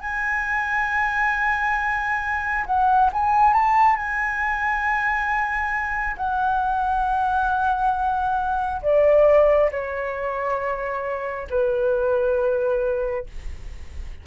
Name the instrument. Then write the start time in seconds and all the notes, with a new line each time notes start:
flute
0.00 G#5
2.66 F#5
3.12 G#5
3.53 A5
3.95 G#5
6.16 F#5
8.82 D5
9.71 C#5
11.49 B4